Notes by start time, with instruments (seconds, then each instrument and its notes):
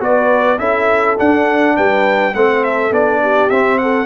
0.00 tuba B3, trombone F#4, horn B4, trumpet D5
0.58 tuba C#4, trombone E4, horn A4, trumpet E5
1.17 trombone D4, tuba D4, trumpet F#5
1.76 tuba G3, horn B4, trumpet G5
2.34 tuba A3, trombone C4, horn A4, trumpet F#5
2.64 trumpet E5
2.91 tuba B3, trombone D4, trumpet D5
3.22 horn G4
3.50 tuba C4, trombone C4, trumpet E5
3.78 horn A4, trumpet F#5